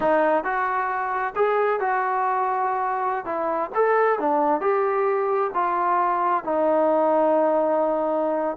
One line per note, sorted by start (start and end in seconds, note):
0.00 0.43 D#4
0.43 1.34 F#4
1.35 1.80 G#4
1.80 3.25 F#4
3.25 3.70 E4
3.74 4.19 A4
4.19 4.60 D4
4.60 5.51 G4
5.54 6.43 F4
6.43 8.57 D#4